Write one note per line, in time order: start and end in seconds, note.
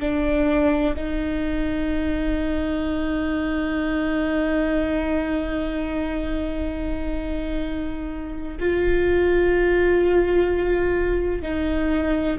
0.00 0.95 D4
0.96 8.58 D#4
8.60 11.42 F4
11.42 12.38 D#4